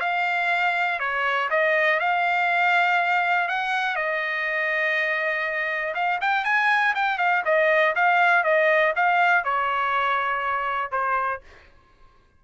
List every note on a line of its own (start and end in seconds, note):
0.00 0.99 F5
0.99 1.49 C#5
1.50 1.99 D#5
2.00 3.48 F5
3.48 3.96 F#5
3.96 5.94 D#5
5.94 6.19 F5
6.21 6.44 G5
6.44 6.94 G#5
6.95 7.18 G5
7.18 7.43 F5
7.45 7.94 D#5
7.95 8.43 F5
8.43 8.93 D#5
8.95 9.44 F5
9.44 10.91 C#5
10.91 11.41 C5